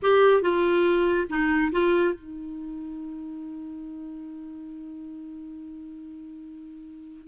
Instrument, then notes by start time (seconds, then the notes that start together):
clarinet
0.02 G4
0.41 F4
1.29 D#4
1.72 F4
2.14 D#4